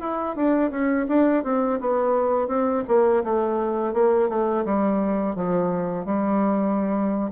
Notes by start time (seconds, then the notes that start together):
0.00 E4
0.36 D4
0.70 C#4
1.08 D4
1.44 C4
1.80 B3
2.47 C4
2.87 A#3
3.23 A3
3.93 A#3
4.29 A3
4.65 G3
5.35 F3
6.05 G3